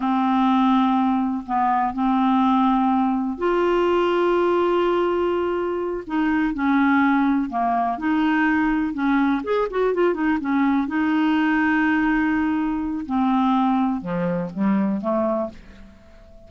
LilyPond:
\new Staff \with { instrumentName = "clarinet" } { \time 4/4 \tempo 4 = 124 c'2. b4 | c'2. f'4~ | f'1~ | f'8 dis'4 cis'2 ais8~ |
ais8 dis'2 cis'4 gis'8 | fis'8 f'8 dis'8 cis'4 dis'4.~ | dis'2. c'4~ | c'4 f4 g4 a4 | }